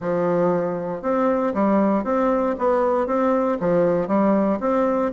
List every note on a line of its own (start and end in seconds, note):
0.00 1.02 F3
1.02 1.53 C4
1.54 2.04 G3
2.04 2.55 C4
2.58 3.07 B3
3.07 3.58 C4
3.59 4.07 F3
4.07 4.59 G3
4.60 5.11 C4